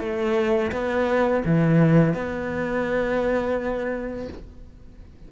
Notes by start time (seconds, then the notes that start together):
0.00 A3
0.72 B3
1.45 E3
2.14 B3